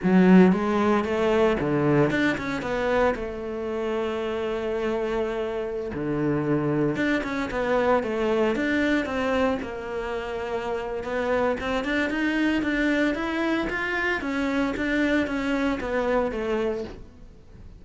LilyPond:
\new Staff \with { instrumentName = "cello" } { \time 4/4 \tempo 4 = 114 fis4 gis4 a4 d4 | d'8 cis'8 b4 a2~ | a2.~ a16 d8.~ | d4~ d16 d'8 cis'8 b4 a8.~ |
a16 d'4 c'4 ais4.~ ais16~ | ais4 b4 c'8 d'8 dis'4 | d'4 e'4 f'4 cis'4 | d'4 cis'4 b4 a4 | }